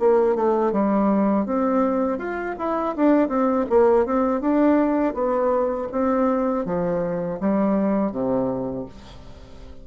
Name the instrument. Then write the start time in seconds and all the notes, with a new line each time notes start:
bassoon
0.00 A#3
0.35 A3
0.72 G3
1.46 C4
2.19 F4
2.58 E4
2.96 D4
3.29 C4
3.70 A#3
4.06 C4
4.41 D4
5.14 B3
5.92 C4
6.65 F3
7.40 G3
8.11 C3